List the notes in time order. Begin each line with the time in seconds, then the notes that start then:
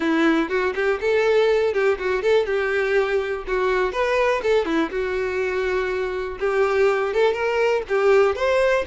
0.00 E4
0.49 F#4
0.75 G4
1.00 A4
1.73 G4
1.98 F#4
2.22 A4
2.46 G4
3.47 F#4
3.92 B4
4.42 A4
4.65 E4
4.90 F#4
6.39 G4
7.13 A4
7.33 A#4
7.88 G4
8.35 C5